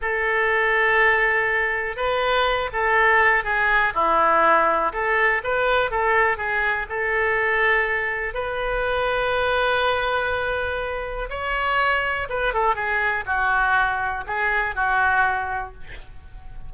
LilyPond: \new Staff \with { instrumentName = "oboe" } { \time 4/4 \tempo 4 = 122 a'1 | b'4. a'4. gis'4 | e'2 a'4 b'4 | a'4 gis'4 a'2~ |
a'4 b'2.~ | b'2. cis''4~ | cis''4 b'8 a'8 gis'4 fis'4~ | fis'4 gis'4 fis'2 | }